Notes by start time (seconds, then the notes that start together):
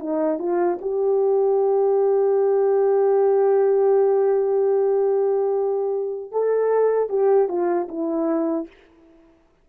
0.00 D#4
0.39 F4
0.82 G4
6.32 A4
7.09 G4
7.49 F4
7.89 E4